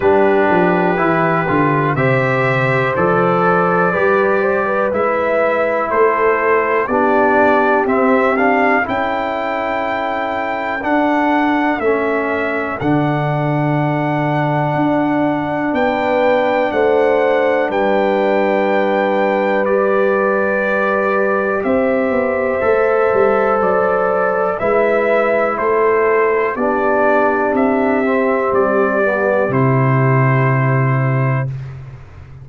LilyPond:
<<
  \new Staff \with { instrumentName = "trumpet" } { \time 4/4 \tempo 4 = 61 b'2 e''4 d''4~ | d''4 e''4 c''4 d''4 | e''8 f''8 g''2 fis''4 | e''4 fis''2. |
g''4 fis''4 g''2 | d''2 e''2 | d''4 e''4 c''4 d''4 | e''4 d''4 c''2 | }
  \new Staff \with { instrumentName = "horn" } { \time 4/4 g'2 c''2 | b'8 c''16 b'4~ b'16 a'4 g'4~ | g'4 a'2.~ | a'1 |
b'4 c''4 b'2~ | b'2 c''2~ | c''4 b'4 a'4 g'4~ | g'1 | }
  \new Staff \with { instrumentName = "trombone" } { \time 4/4 d'4 e'8 f'8 g'4 a'4 | g'4 e'2 d'4 | c'8 d'8 e'2 d'4 | cis'4 d'2.~ |
d'1 | g'2. a'4~ | a'4 e'2 d'4~ | d'8 c'4 b8 e'2 | }
  \new Staff \with { instrumentName = "tuba" } { \time 4/4 g8 f8 e8 d8 c4 f4 | g4 gis4 a4 b4 | c'4 cis'2 d'4 | a4 d2 d'4 |
b4 a4 g2~ | g2 c'8 b8 a8 g8 | fis4 gis4 a4 b4 | c'4 g4 c2 | }
>>